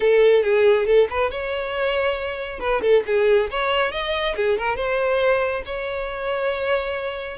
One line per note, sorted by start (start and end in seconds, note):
0.00 0.43 A4
0.43 0.86 G#4
0.86 1.08 A4
1.09 1.30 B4
1.30 2.59 C#5
2.59 2.81 B4
2.81 3.03 A4
3.06 3.50 G#4
3.50 3.91 C#5
3.91 4.35 D#5
4.36 4.58 G#4
4.58 4.75 A#4
4.75 5.62 C5
5.65 7.37 C#5